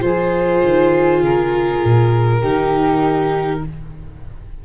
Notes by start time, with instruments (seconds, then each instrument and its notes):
0.00 tuba F3, viola F4, flute G#4, violin C5
0.64 tuba D#3
1.22 tuba C#3, violin A#4
1.85 tuba A#2
2.41 tuba D#3, viola D#4, flute G4